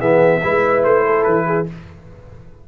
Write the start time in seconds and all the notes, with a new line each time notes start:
0.00 E3 B3 G#4 E5
0.43 G#3 E4 B4
0.84 A3 C5
1.06 A4
1.24 E3 B4
1.47 G#4